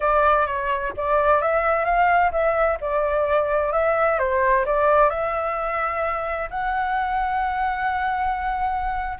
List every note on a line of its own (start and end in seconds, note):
0.00 0.46 D5
0.46 0.93 C#5
0.96 1.41 D5
1.41 1.84 E5
1.84 2.31 F5
2.31 2.78 E5
2.80 3.72 D5
3.72 4.18 E5
4.18 4.65 C5
4.65 5.09 D5
5.09 6.49 E5
6.50 9.17 F#5